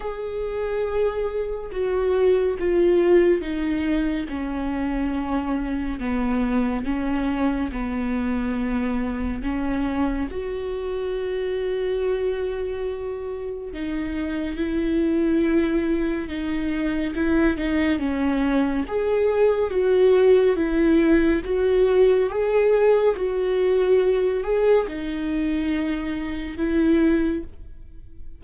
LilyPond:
\new Staff \with { instrumentName = "viola" } { \time 4/4 \tempo 4 = 70 gis'2 fis'4 f'4 | dis'4 cis'2 b4 | cis'4 b2 cis'4 | fis'1 |
dis'4 e'2 dis'4 | e'8 dis'8 cis'4 gis'4 fis'4 | e'4 fis'4 gis'4 fis'4~ | fis'8 gis'8 dis'2 e'4 | }